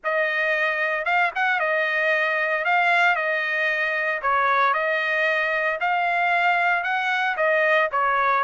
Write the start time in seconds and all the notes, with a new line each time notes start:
0.04 D#5
1.05 F5
1.35 F#5
1.59 D#5
2.64 F5
3.15 D#5
4.22 C#5
4.73 D#5
5.80 F5
6.83 F#5
7.36 D#5
7.91 C#5